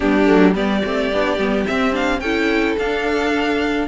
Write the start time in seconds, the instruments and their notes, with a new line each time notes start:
0.00 cello G3, viola B3, violin D4 G4
0.26 cello F#3, viola A3
0.53 cello G3, viola B3, violin G4 D5
0.84 cello A3, viola C4
1.12 cello B3, viola D4
1.37 cello G3, viola B3
1.65 viola C4, cello C4, violin E5
1.92 viola D4, violin F5
2.20 cello C#4, viola E4, violin A4 G5
2.78 cello D4, viola D4, violin F5